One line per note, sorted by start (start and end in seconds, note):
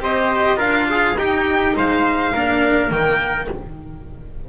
0.00 0.58 C4
0.00 0.57 G4
0.00 0.58 C5
0.00 0.60 D#5
0.57 1.16 D4
0.57 1.14 F4
0.57 0.87 A#4
0.57 1.17 F5
0.90 1.19 G#4
1.16 1.74 D#4
1.16 2.34 D#4
1.16 1.77 G4
1.16 1.76 G5
1.76 2.34 G#3
1.76 2.33 C5
1.76 2.92 F5
2.33 2.91 A#3
2.33 2.90 D4
2.33 3.49 A#4
2.90 3.49 D#3
2.90 3.48 A#3
2.90 3.49 G5